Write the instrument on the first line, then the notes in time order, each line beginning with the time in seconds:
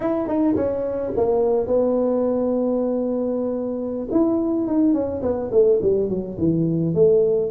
tuba
0.00 E4
0.27 D#4
0.56 C#4
1.16 A#3
1.66 B3
4.11 E4
4.67 D#4
4.93 C#4
5.22 B3
5.51 A3
5.81 G3
6.09 F#3
6.38 E3
6.94 A3